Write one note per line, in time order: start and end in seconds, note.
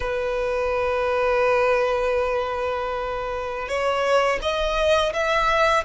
0.00 3.68 B4
3.68 4.39 C#5
4.42 5.12 D#5
5.13 5.84 E5